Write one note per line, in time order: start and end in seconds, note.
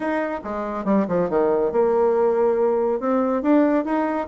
0.00 0.40 D#4
0.44 0.84 G#3
0.84 1.06 G3
1.08 1.29 F3
1.29 1.71 D#3
1.71 3.00 A#3
3.00 3.42 C4
3.42 3.84 D4
3.84 4.27 D#4